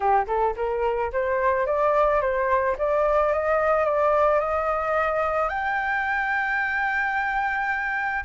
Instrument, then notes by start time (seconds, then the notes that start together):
flute
0.00 G4
0.27 A4
0.56 A#4
1.12 C5
1.66 D5
2.21 C5
2.77 D5
3.32 D#5
3.84 D5
4.39 D#5
5.48 G5